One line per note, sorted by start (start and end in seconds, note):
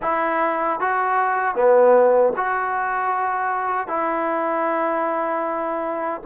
0.02 0.80 E4
0.80 1.55 F#4
1.55 2.33 B3
2.36 3.87 F#4
3.87 6.21 E4